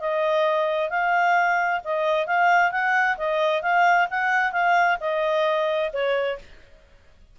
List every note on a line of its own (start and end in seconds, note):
0.00 0.90 D#5
0.90 1.81 F5
1.84 2.27 D#5
2.27 2.72 F5
2.72 3.17 F#5
3.18 3.62 D#5
3.62 4.08 F5
4.11 4.52 F#5
4.52 4.98 F5
5.00 5.91 D#5
5.93 6.39 C#5